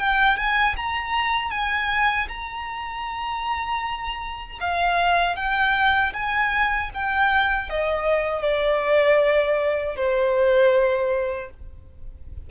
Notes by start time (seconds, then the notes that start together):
0.00 G5
0.37 G#5
0.77 A#5
1.51 G#5
2.29 A#5
4.60 F5
5.36 G5
6.14 G#5
6.94 G5
7.70 D#5
8.42 D5
9.96 C5